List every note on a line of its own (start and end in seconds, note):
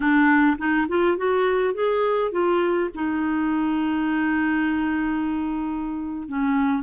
0.00 0.57 D4
0.57 0.87 D#4
0.88 1.17 F4
1.17 1.74 F#4
1.74 2.31 G#4
2.31 2.90 F4
2.94 6.28 D#4
6.28 6.83 C#4